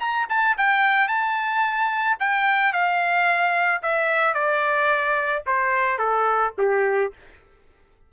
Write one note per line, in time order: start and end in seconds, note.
0.00 0.27 A#5
0.30 0.57 A5
0.58 1.08 G5
1.08 2.17 A5
2.20 2.73 G5
2.73 3.82 F5
3.83 4.34 E5
4.34 5.43 D5
5.46 5.99 C5
5.99 6.53 A4
6.58 7.13 G4